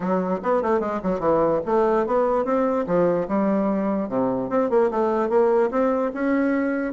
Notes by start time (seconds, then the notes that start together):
0.00 F#3
0.42 B3
0.62 A3
0.80 G#3
1.02 F#3
1.19 E3
1.65 A3
2.06 B3
2.45 C4
2.86 F3
3.28 G3
4.08 C3
4.49 C4
4.70 A#3
4.90 A3
5.29 A#3
5.71 C4
6.14 C#4